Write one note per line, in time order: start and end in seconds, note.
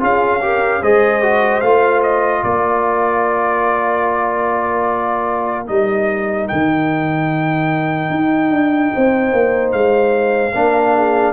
0.00 0.82 C#4
0.00 0.41 F4
0.00 0.42 G#4
0.00 0.83 F5
0.42 0.82 G4
0.42 0.81 A#4
0.81 1.63 G#3
0.81 1.22 G#4
0.81 2.43 C5
0.81 1.61 D#5
1.22 1.63 F#4
1.61 2.44 A3
1.61 5.66 F4
1.61 2.01 F5
2.03 2.43 D#5
2.43 5.69 A#3
2.43 8.91 A#4
2.43 5.67 D5
5.66 6.50 G3
5.66 10.53 D#4
5.66 6.48 D#5
6.48 8.10 D#3
6.48 9.72 G5
8.10 8.51 D#4
8.51 8.91 D4
8.95 9.33 C4
8.95 10.54 C5
9.33 9.73 A#3
9.72 10.54 G#3
9.72 11.33 F5
10.54 11.33 A#3
10.54 11.33 D4
10.54 10.95 A#4
10.95 11.33 G#4